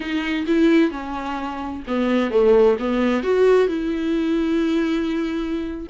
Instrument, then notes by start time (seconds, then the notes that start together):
viola
0.00 D#4
0.47 E4
0.90 C#4
1.87 B3
2.30 A3
2.79 B3
3.23 F#4
3.68 E4